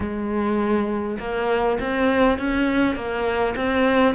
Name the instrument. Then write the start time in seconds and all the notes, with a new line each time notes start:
cello
0.00 G#3
1.19 A#3
1.80 C4
2.38 C#4
2.95 A#3
3.56 C4